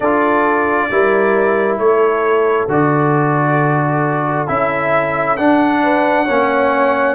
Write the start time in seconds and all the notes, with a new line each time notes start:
0.00 D4 F4 A4 D5
0.90 G3 E4 A#4
1.78 A3 A4 C#5
2.68 D3 F#4 D5
4.47 C#4 E4 E5
5.36 D4 F#5
5.82 B4
6.24 A#3 C#4 C#5